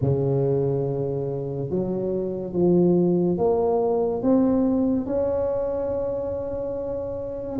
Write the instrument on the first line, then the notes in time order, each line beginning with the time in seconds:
tuba
0.01 C#3
1.70 F#3
2.53 F3
3.37 A#3
4.22 C4
5.06 C#4